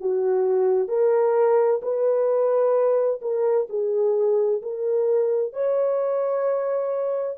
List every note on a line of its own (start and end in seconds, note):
0.00 0.88 F#4
0.88 1.80 A#4
1.82 3.21 B4
3.21 3.68 A#4
3.70 4.62 G#4
4.62 5.53 A#4
5.53 7.38 C#5